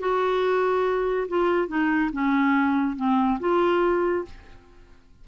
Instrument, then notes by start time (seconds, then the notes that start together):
clarinet
0.00 F#4
1.29 F4
1.68 D#4
2.13 C#4
2.97 C4
3.40 F4